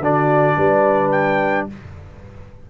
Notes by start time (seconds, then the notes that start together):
0.00 D3 D4 F#4 D5
0.56 G3 B4
1.11 G5